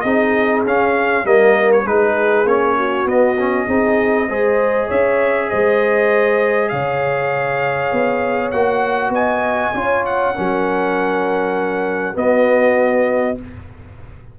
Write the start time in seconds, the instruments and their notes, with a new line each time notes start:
0.00 tuba C4, trombone D#4, horn G#4, trumpet D#5
0.65 tuba C#4, trombone C#4, trumpet F5
1.24 tuba G3, trombone A#3, horn A#4, trumpet D#5
1.72 trumpet C#5
1.85 tuba G#3, trombone D#4, horn G#4, trumpet B4
2.44 tuba A#3, trombone C#4, trumpet C#5
2.77 horn F#4
3.05 tuba B3, trombone B3, trumpet D#5
3.39 trombone C#4
3.67 tuba C4, trombone D#4, horn G#4
4.28 tuba G#3, trombone G#4, horn C5
4.87 tuba C#4, horn C#5, trumpet E5
5.49 tuba G#3, horn C5, trumpet D#5
6.69 tuba C#3, horn C#5, trumpet F5
7.92 tuba B3
8.51 tuba A#3, trombone F#4, trumpet F#5
9.09 tuba B3, horn D#5, trumpet G#5
9.74 tuba C#4, trombone F4, horn C#5
10.05 trumpet F#5
10.35 tuba F#3, trombone C#4, horn A#4
12.14 trombone B3, tuba B3, horn F#4, trumpet D#5